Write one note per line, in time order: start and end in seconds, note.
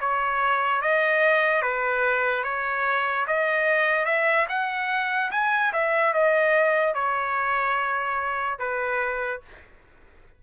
0.00 0.81 C#5
0.81 1.61 D#5
1.61 2.44 B4
2.44 3.26 C#5
3.27 4.05 D#5
4.05 4.46 E5
4.48 5.31 F#5
5.31 5.72 G#5
5.72 6.13 E5
6.13 6.94 D#5
6.94 8.59 C#5
8.59 9.41 B4